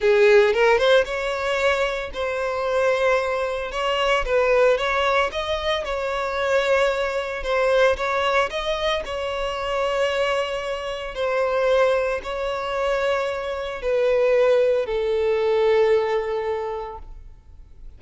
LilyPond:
\new Staff \with { instrumentName = "violin" } { \time 4/4 \tempo 4 = 113 gis'4 ais'8 c''8 cis''2 | c''2. cis''4 | b'4 cis''4 dis''4 cis''4~ | cis''2 c''4 cis''4 |
dis''4 cis''2.~ | cis''4 c''2 cis''4~ | cis''2 b'2 | a'1 | }